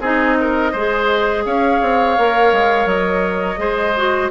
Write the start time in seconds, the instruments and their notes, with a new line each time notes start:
0.00 bassoon C4, clarinet D#4, oboe G#4, flute D#5
0.40 oboe A#4
0.72 bassoon G#3, clarinet G#4, oboe C5
1.45 bassoon C#4, oboe C#5, flute F5
1.82 bassoon C4
2.18 bassoon A#3, clarinet A#4
2.52 bassoon G#3
2.85 bassoon F#3, flute D#5
3.57 bassoon G#3, clarinet G#4, oboe C5
3.96 clarinet F#4